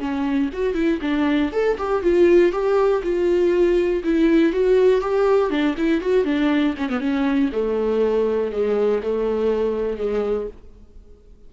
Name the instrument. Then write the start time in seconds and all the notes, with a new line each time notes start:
viola
0.00 C#4
0.53 F#4
0.75 E4
1.02 D4
1.53 A4
1.78 G4
2.03 F4
2.52 G4
3.03 F4
4.04 E4
4.53 F#4
5.02 G4
5.51 D4
5.78 E4
6.02 F#4
6.25 D4
6.78 C#4
6.90 B3
7.01 C#4
7.52 A3
8.52 G#3
9.03 A3
9.98 G#3